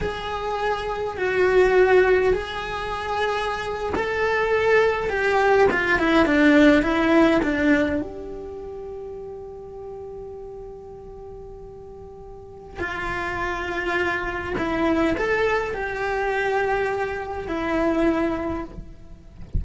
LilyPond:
\new Staff \with { instrumentName = "cello" } { \time 4/4 \tempo 4 = 103 gis'2 fis'2 | gis'2~ gis'8. a'4~ a'16~ | a'8. g'4 f'8 e'8 d'4 e'16~ | e'8. d'4 g'2~ g'16~ |
g'1~ | g'2 f'2~ | f'4 e'4 a'4 g'4~ | g'2 e'2 | }